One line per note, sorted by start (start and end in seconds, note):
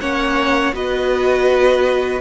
0.00 0.73 A#3
0.00 0.73 C#4
0.00 0.73 C#5
0.00 0.74 F#5
0.73 2.20 B3
0.73 2.20 F#4
0.73 2.20 B4
0.73 2.20 D#5